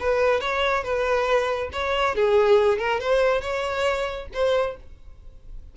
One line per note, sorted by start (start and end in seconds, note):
0.00 0.40 B4
0.40 0.83 C#5
0.84 1.70 B4
1.72 2.15 C#5
2.15 2.78 G#4
2.78 3.00 A#4
3.00 3.41 C5
3.41 4.28 C#5
4.34 4.77 C5